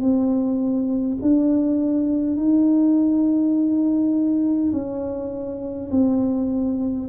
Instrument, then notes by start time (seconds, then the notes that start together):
tuba
0.00 C4
1.22 D4
2.36 D#4
4.73 C#4
5.91 C4